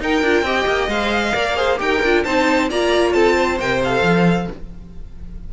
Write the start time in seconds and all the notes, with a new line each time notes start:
0.00 D#4 A#4 G5
0.23 D4 F4
0.42 C4 G4 D#5
0.67 A#3
0.88 G#3 C5 F5
1.32 A#3 A#4 D5
1.57 G#4 C5
1.78 D#4 G4 A#4 G5
2.03 D4 F4
2.24 C4 D#4 C5 A5
2.70 A#3 F4 D5 A#5
3.13 C4 A4 A5
3.37 C5
3.60 C3 A#4 G5
3.84 A4 F5
4.02 F3